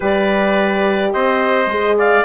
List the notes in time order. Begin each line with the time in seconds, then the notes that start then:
0.00 G3 G4 B4 D5
1.12 C4 C5 D#5
1.66 G#3 G#4
1.98 D5 F5